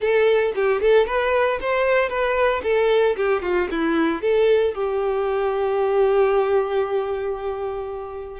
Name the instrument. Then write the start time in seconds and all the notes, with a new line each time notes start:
violin
0.00 A4
0.55 G4
0.81 A4
1.06 B4
1.61 C5
2.09 B4
2.63 A4
3.16 G4
3.41 F4
3.70 E4
4.21 A4
4.74 G4